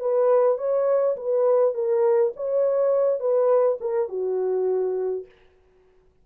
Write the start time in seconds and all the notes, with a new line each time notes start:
0.00 B4
0.58 C#5
1.17 B4
1.75 A#4
2.36 C#5
3.20 B4
3.81 A#4
4.09 F#4